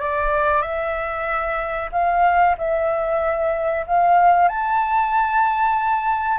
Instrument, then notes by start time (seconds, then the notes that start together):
flute
0.00 D5
0.62 E5
1.91 F5
2.58 E5
3.87 F5
4.48 A5